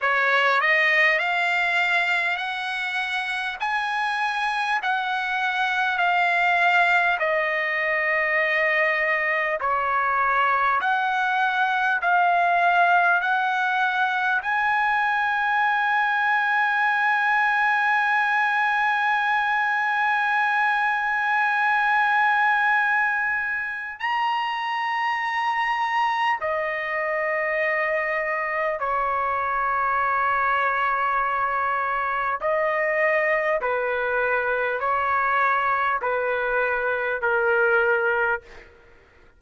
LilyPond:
\new Staff \with { instrumentName = "trumpet" } { \time 4/4 \tempo 4 = 50 cis''8 dis''8 f''4 fis''4 gis''4 | fis''4 f''4 dis''2 | cis''4 fis''4 f''4 fis''4 | gis''1~ |
gis''1 | ais''2 dis''2 | cis''2. dis''4 | b'4 cis''4 b'4 ais'4 | }